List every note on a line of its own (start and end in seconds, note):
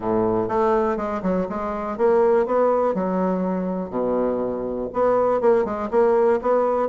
0.00 0.48 A2
0.48 0.96 A3
0.96 1.21 G#3
1.22 1.46 F#3
1.49 1.97 G#3
1.97 2.46 A#3
2.46 2.94 B3
2.94 3.89 F#3
3.89 4.88 B2
4.93 5.40 B3
5.40 5.64 A#3
5.64 5.89 G#3
5.91 6.40 A#3
6.41 6.88 B3